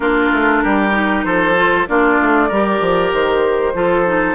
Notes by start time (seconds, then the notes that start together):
0.00 A#3 D4 F4 A#4
0.32 A3
0.63 G3 G4
0.91 D#4
1.23 F3 A4 C5
1.55 F4
1.87 A#3 D4 F4 D5
2.21 A3
2.48 G3 G4 A#4
2.80 F3
3.12 D#3 C5
3.74 F3 F4 A4
4.05 D#4